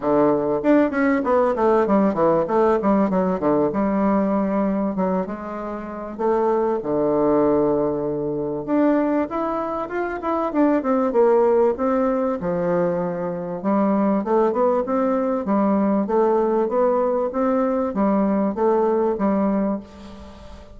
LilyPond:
\new Staff \with { instrumentName = "bassoon" } { \time 4/4 \tempo 4 = 97 d4 d'8 cis'8 b8 a8 g8 e8 | a8 g8 fis8 d8 g2 | fis8 gis4. a4 d4~ | d2 d'4 e'4 |
f'8 e'8 d'8 c'8 ais4 c'4 | f2 g4 a8 b8 | c'4 g4 a4 b4 | c'4 g4 a4 g4 | }